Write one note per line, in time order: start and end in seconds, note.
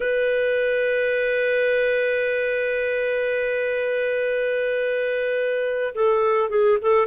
0.00 5.94 B4
5.94 6.49 A4
6.49 6.77 G#4
6.81 7.07 A4